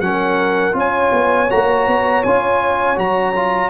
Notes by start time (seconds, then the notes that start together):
0.00 F#3 C#4 A#4 F#5
0.72 C#4 F4
0.79 C#5 G#5
1.12 B3
1.49 A#3 F#4 A#5
1.87 B3
2.23 C#4 F4 G#5
2.96 F#3 F#4 A#5
3.35 F4